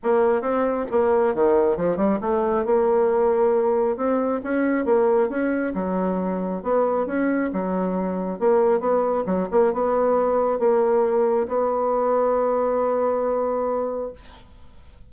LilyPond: \new Staff \with { instrumentName = "bassoon" } { \time 4/4 \tempo 4 = 136 ais4 c'4 ais4 dis4 | f8 g8 a4 ais2~ | ais4 c'4 cis'4 ais4 | cis'4 fis2 b4 |
cis'4 fis2 ais4 | b4 fis8 ais8 b2 | ais2 b2~ | b1 | }